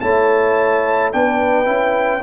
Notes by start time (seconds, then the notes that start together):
0.00 A3 E4 C#5 A5
1.12 B3 D4 B4 G5
1.65 C#4 E4